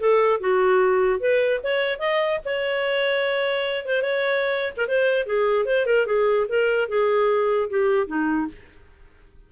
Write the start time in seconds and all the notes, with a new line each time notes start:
0.00 A4
0.41 F#4
1.20 B4
1.64 C#5
1.99 D#5
2.45 C#5
3.86 C5
4.03 C#5
4.77 A#4
4.88 C5
5.27 G#4
5.66 C5
5.86 A#4
6.06 G#4
6.49 A#4
6.89 G#4
7.70 G4
8.07 D#4